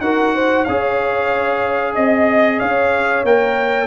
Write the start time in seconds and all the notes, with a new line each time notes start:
0.00 D#4 F#4 A#4 F#5
0.34 C5
0.64 C#4 G#4 C#5 F5
1.94 C4 D#5
2.59 C#4 C#5 F5
3.23 A#3 A#4 G5